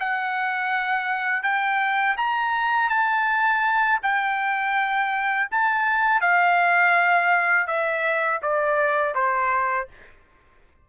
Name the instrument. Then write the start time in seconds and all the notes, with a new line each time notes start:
trumpet
0.00 F#5
1.43 G5
2.17 A#5
2.89 A5
4.02 G5
5.51 A5
6.21 F5
7.67 E5
8.42 D5
9.15 C5